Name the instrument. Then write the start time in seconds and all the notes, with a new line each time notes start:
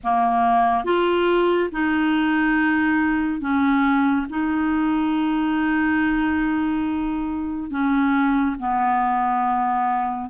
clarinet
0.04 A#3
0.84 F4
1.71 D#4
3.41 C#4
4.29 D#4
7.70 C#4
8.59 B3